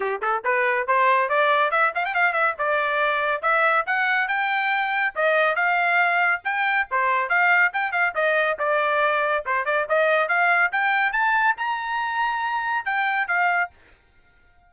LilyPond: \new Staff \with { instrumentName = "trumpet" } { \time 4/4 \tempo 4 = 140 g'8 a'8 b'4 c''4 d''4 | e''8 f''16 g''16 f''8 e''8 d''2 | e''4 fis''4 g''2 | dis''4 f''2 g''4 |
c''4 f''4 g''8 f''8 dis''4 | d''2 c''8 d''8 dis''4 | f''4 g''4 a''4 ais''4~ | ais''2 g''4 f''4 | }